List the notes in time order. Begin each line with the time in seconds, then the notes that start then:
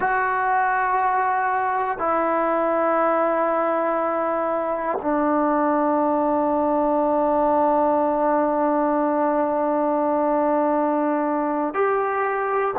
0.00 F#4
1.98 E4
5.01 D4
11.74 G4